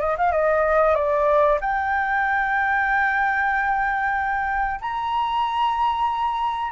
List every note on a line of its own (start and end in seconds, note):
0.00 0.16 D#5
0.18 0.32 F5
0.32 0.95 D#5
0.95 1.59 D5
1.61 4.80 G5
4.81 6.71 A#5